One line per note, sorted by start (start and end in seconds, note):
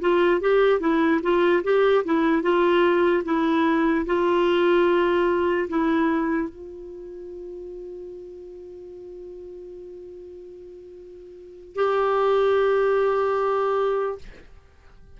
0.00 0.40 F4
0.40 0.80 G4
0.80 1.20 E4
1.22 1.62 F4
1.63 2.04 G4
2.04 2.42 E4
2.42 3.23 F4
3.24 4.05 E4
4.05 5.68 F4
5.68 6.49 E4
6.49 11.75 F4
11.75 14.18 G4